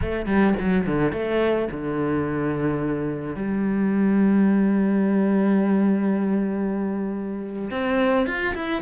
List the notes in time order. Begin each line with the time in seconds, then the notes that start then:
0.01 A3
0.25 G3
0.59 F#3
0.86 D3
1.12 A3
1.71 D3
3.35 G3
7.71 C4
8.26 F4
8.55 E4